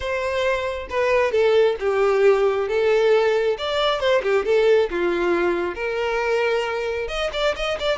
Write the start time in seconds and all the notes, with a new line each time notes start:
0.00 C5
0.89 B4
1.31 A4
1.79 G4
2.68 A4
3.58 D5
3.99 C5
4.23 G4
4.45 A4
4.90 F4
5.75 A#4
7.08 D#5
7.33 D5
7.56 D#5
7.79 D5